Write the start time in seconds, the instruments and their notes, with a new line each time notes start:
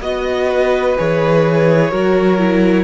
0.00 cello B3, viola F#4, violin D#5
0.48 violin B4
0.97 cello E3, viola G#4, violin C#5
1.91 cello F#3, viola F#4, violin A#4
2.38 viola E4